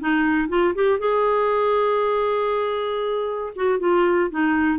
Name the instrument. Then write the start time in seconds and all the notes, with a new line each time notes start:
clarinet
0.00 D#4
0.49 F4
0.75 G4
0.99 G#4
3.56 F#4
3.79 F4
4.30 D#4